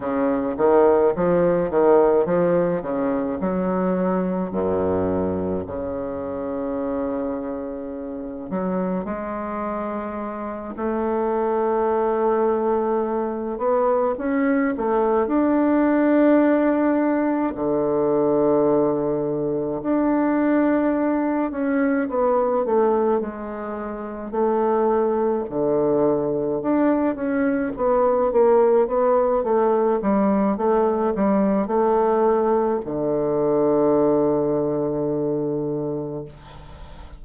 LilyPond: \new Staff \with { instrumentName = "bassoon" } { \time 4/4 \tempo 4 = 53 cis8 dis8 f8 dis8 f8 cis8 fis4 | fis,4 cis2~ cis8 fis8 | gis4. a2~ a8 | b8 cis'8 a8 d'2 d8~ |
d4. d'4. cis'8 b8 | a8 gis4 a4 d4 d'8 | cis'8 b8 ais8 b8 a8 g8 a8 g8 | a4 d2. | }